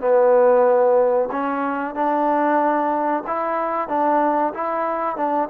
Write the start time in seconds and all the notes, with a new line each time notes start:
0.00 B3
1.32 C#4
1.95 D4
3.27 E4
3.89 D4
4.54 E4
5.16 D4